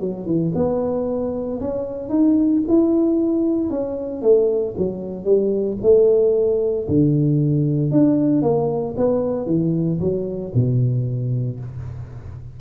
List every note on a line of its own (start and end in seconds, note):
0.00 0.26 F#3
0.26 0.52 E3
0.55 1.61 B3
1.61 2.09 C#4
2.09 2.62 D#4
2.68 3.70 E4
3.70 4.22 C#4
4.22 4.75 A3
4.77 5.25 F#3
5.25 5.77 G3
5.82 6.88 A3
6.88 7.92 D3
7.92 8.42 D4
8.42 8.95 A#3
8.97 9.46 B3
9.46 9.99 E3
10.00 10.53 F#3
10.55 11.60 B2